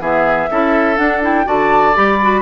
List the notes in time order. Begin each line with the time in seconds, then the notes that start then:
0.00 E3 B3 G#4 E5
0.51 C#4 E4 A4
0.97 D4 F#5
1.22 E4 G5
1.45 D3 F#4 D5 A5
1.95 G3 G4 B5
2.22 F#4